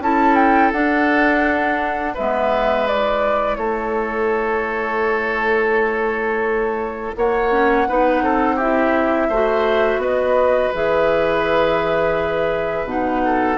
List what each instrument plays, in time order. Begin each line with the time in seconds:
0.00 bassoon C#4, clarinet E4, oboe A4, flute A5
0.35 flute G5
0.72 bassoon D4, clarinet D4, flute F#5
2.14 bassoon G#3, clarinet B3, oboe B4, flute E5
2.87 clarinet E4, flute D5
3.56 bassoon A3, oboe A4, flute C#5
7.16 bassoon A#3, oboe C#5, flute F#5
7.50 clarinet C#4
7.88 bassoon B3, clarinet D#4, oboe B4
8.21 bassoon C4, oboe A4
8.55 clarinet E4, oboe G4, flute E5
9.29 bassoon A3, clarinet F#4, oboe C5
9.97 bassoon B3, oboe B4, flute D#5
10.74 bassoon E3, clarinet G#4, flute E5
12.84 bassoon B2, clarinet D#4, flute F#5
13.25 oboe A4